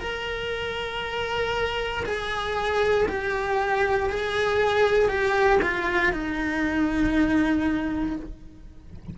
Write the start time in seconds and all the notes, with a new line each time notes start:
0.00 A#4
2.05 G#4
3.08 G4
4.10 G#4
5.08 G4
5.62 F4
6.12 D#4